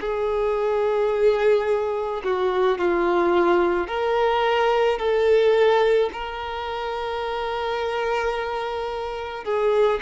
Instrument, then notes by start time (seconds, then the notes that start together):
violin
0.00 G#4
2.24 F#4
2.78 F4
3.87 A#4
4.98 A4
6.13 A#4
9.44 G#4